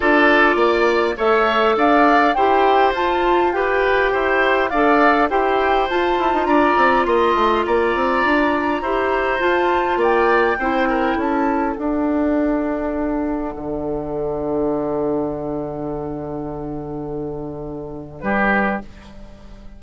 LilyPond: <<
  \new Staff \with { instrumentName = "flute" } { \time 4/4 \tempo 4 = 102 d''2 e''4 f''4 | g''4 a''4 g''2 | f''4 g''4 a''4 ais''4 | c'''4 ais''2. |
a''4 g''2 a''4 | fis''1~ | fis''1~ | fis''2. b'4 | }
  \new Staff \with { instrumentName = "oboe" } { \time 4/4 a'4 d''4 cis''4 d''4 | c''2 b'4 c''4 | d''4 c''2 d''4 | dis''4 d''2 c''4~ |
c''4 d''4 c''8 ais'8 a'4~ | a'1~ | a'1~ | a'2. g'4 | }
  \new Staff \with { instrumentName = "clarinet" } { \time 4/4 f'2 a'2 | g'4 f'4 g'2 | a'4 g'4 f'2~ | f'2. g'4 |
f'2 e'2 | d'1~ | d'1~ | d'1 | }
  \new Staff \with { instrumentName = "bassoon" } { \time 4/4 d'4 ais4 a4 d'4 | e'4 f'2 e'4 | d'4 e'4 f'8 e'16 dis'16 d'8 c'8 | ais8 a8 ais8 c'8 d'4 e'4 |
f'4 ais4 c'4 cis'4 | d'2. d4~ | d1~ | d2. g4 | }
>>